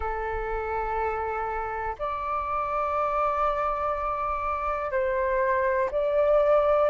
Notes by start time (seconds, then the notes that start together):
0.00 A4
1.99 D5
4.91 C5
5.91 D5